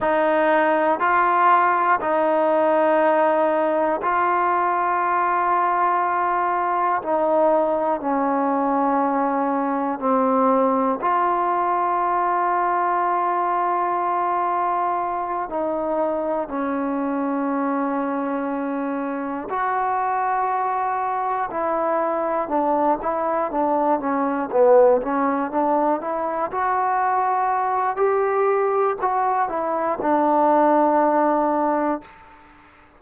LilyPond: \new Staff \with { instrumentName = "trombone" } { \time 4/4 \tempo 4 = 60 dis'4 f'4 dis'2 | f'2. dis'4 | cis'2 c'4 f'4~ | f'2.~ f'8 dis'8~ |
dis'8 cis'2. fis'8~ | fis'4. e'4 d'8 e'8 d'8 | cis'8 b8 cis'8 d'8 e'8 fis'4. | g'4 fis'8 e'8 d'2 | }